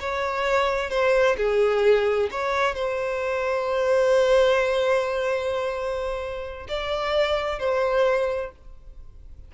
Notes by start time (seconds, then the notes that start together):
0.00 C#5
0.90 C5
1.37 G#4
2.31 C#5
2.75 C5
6.68 D5
7.59 C5